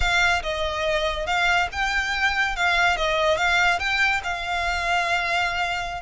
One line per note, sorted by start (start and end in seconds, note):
0.00 0.42 F5
0.42 1.26 D#5
1.26 1.68 F5
1.72 2.56 G5
2.56 2.97 F5
2.97 3.37 D#5
3.37 3.79 F5
3.79 4.21 G5
4.23 6.02 F5